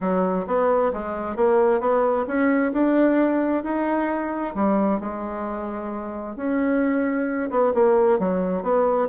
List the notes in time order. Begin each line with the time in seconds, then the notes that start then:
0.00 F#3
0.46 B3
0.93 G#3
1.36 A#3
1.80 B3
2.27 C#4
2.72 D4
3.63 D#4
4.55 G3
5.00 G#3
6.36 C#4
7.50 B3
7.74 A#3
8.19 F#3
8.62 B3